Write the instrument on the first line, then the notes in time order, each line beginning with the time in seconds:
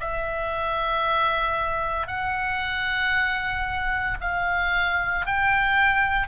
oboe
0.00 E5
2.07 F#5
4.21 F5
5.26 G5